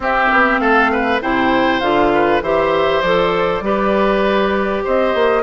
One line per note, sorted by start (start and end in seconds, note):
0.00 0.27 C4
0.00 1.21 C4
0.00 0.60 G4
0.00 0.58 E5
0.32 0.59 B3
0.58 1.20 A3
0.58 0.91 A4
0.58 1.19 F5
0.91 1.21 B4
1.21 1.81 C3
1.21 1.81 E4
1.21 2.12 C5
1.21 1.80 G5
1.80 2.41 D3
1.80 2.42 F4
1.80 2.40 F5
2.14 2.43 B4
2.41 3.01 E3
2.41 3.04 G4
2.41 3.64 C5
2.41 3.01 E5
3.01 3.60 F3
3.01 3.63 A4
3.01 4.83 D5
3.60 4.81 G3
3.60 5.43 G4
3.60 4.84 B4
4.84 5.14 C4
4.84 5.43 C5
4.84 5.43 D#5
5.14 5.43 A#3